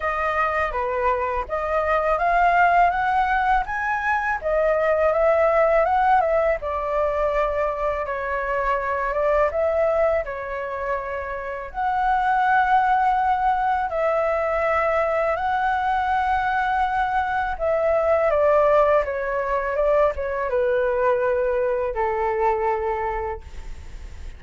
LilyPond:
\new Staff \with { instrumentName = "flute" } { \time 4/4 \tempo 4 = 82 dis''4 b'4 dis''4 f''4 | fis''4 gis''4 dis''4 e''4 | fis''8 e''8 d''2 cis''4~ | cis''8 d''8 e''4 cis''2 |
fis''2. e''4~ | e''4 fis''2. | e''4 d''4 cis''4 d''8 cis''8 | b'2 a'2 | }